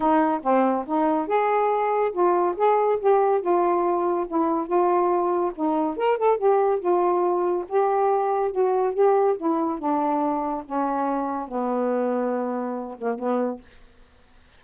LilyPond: \new Staff \with { instrumentName = "saxophone" } { \time 4/4 \tempo 4 = 141 dis'4 c'4 dis'4 gis'4~ | gis'4 f'4 gis'4 g'4 | f'2 e'4 f'4~ | f'4 dis'4 ais'8 a'8 g'4 |
f'2 g'2 | fis'4 g'4 e'4 d'4~ | d'4 cis'2 b4~ | b2~ b8 ais8 b4 | }